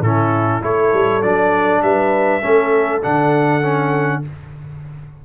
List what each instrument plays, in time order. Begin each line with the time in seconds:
0.00 tuba A2, trombone C#4, horn E4, trumpet A4
0.61 tuba A3, trombone E4, horn A4, trumpet C#5
0.93 tuba G3
1.22 tuba F#3, trombone D4, trumpet D5
1.81 tuba G3, horn B4, trumpet E5
2.41 tuba A3, trombone C#4, horn A4
3.02 tuba D3, trombone D4, trumpet F#5
3.62 trombone C#4